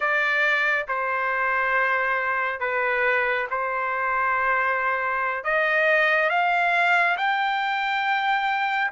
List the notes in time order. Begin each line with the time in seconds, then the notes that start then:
0.00 D5
0.88 C5
2.60 B4
3.50 C5
5.43 D#5
6.29 F5
7.17 G5